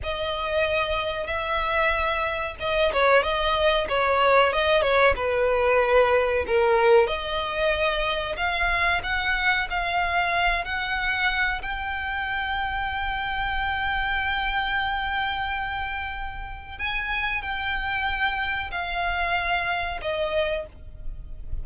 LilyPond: \new Staff \with { instrumentName = "violin" } { \time 4/4 \tempo 4 = 93 dis''2 e''2 | dis''8 cis''8 dis''4 cis''4 dis''8 cis''8 | b'2 ais'4 dis''4~ | dis''4 f''4 fis''4 f''4~ |
f''8 fis''4. g''2~ | g''1~ | g''2 gis''4 g''4~ | g''4 f''2 dis''4 | }